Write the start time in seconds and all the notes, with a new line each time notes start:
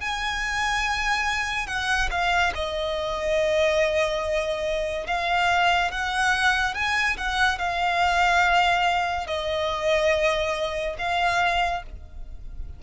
0.00 G#5
1.66 F#5
2.10 F5
2.54 D#5
5.06 F5
5.91 F#5
6.74 G#5
7.17 F#5
7.58 F5
9.27 D#5
10.98 F5